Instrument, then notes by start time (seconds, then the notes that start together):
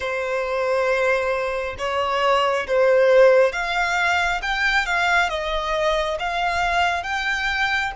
violin
0.00 C5
1.78 C#5
2.67 C5
3.52 F5
4.42 G5
4.86 F5
5.29 D#5
6.19 F5
7.03 G5